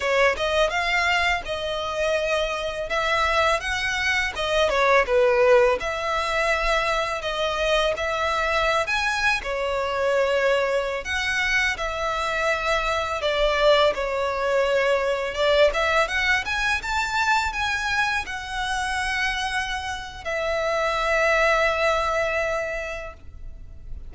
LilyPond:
\new Staff \with { instrumentName = "violin" } { \time 4/4 \tempo 4 = 83 cis''8 dis''8 f''4 dis''2 | e''4 fis''4 dis''8 cis''8 b'4 | e''2 dis''4 e''4~ | e''16 gis''8. cis''2~ cis''16 fis''8.~ |
fis''16 e''2 d''4 cis''8.~ | cis''4~ cis''16 d''8 e''8 fis''8 gis''8 a''8.~ | a''16 gis''4 fis''2~ fis''8. | e''1 | }